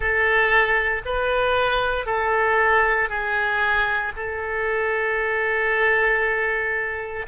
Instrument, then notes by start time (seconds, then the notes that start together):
oboe
0.00 A4
1.05 B4
2.05 A4
3.08 G#4
4.16 A4